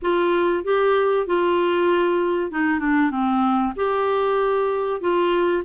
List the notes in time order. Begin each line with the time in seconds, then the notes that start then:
0.01 F4
0.63 G4
1.26 F4
2.51 D#4
2.79 D4
3.10 C4
3.76 G4
5.00 F4